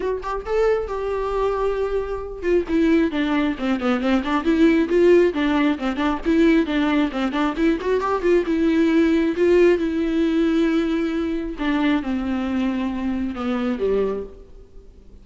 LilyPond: \new Staff \with { instrumentName = "viola" } { \time 4/4 \tempo 4 = 135 fis'8 g'8 a'4 g'2~ | g'4. f'8 e'4 d'4 | c'8 b8 c'8 d'8 e'4 f'4 | d'4 c'8 d'8 e'4 d'4 |
c'8 d'8 e'8 fis'8 g'8 f'8 e'4~ | e'4 f'4 e'2~ | e'2 d'4 c'4~ | c'2 b4 g4 | }